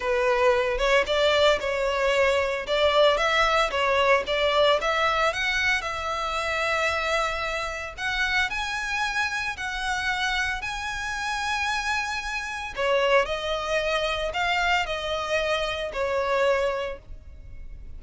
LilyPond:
\new Staff \with { instrumentName = "violin" } { \time 4/4 \tempo 4 = 113 b'4. cis''8 d''4 cis''4~ | cis''4 d''4 e''4 cis''4 | d''4 e''4 fis''4 e''4~ | e''2. fis''4 |
gis''2 fis''2 | gis''1 | cis''4 dis''2 f''4 | dis''2 cis''2 | }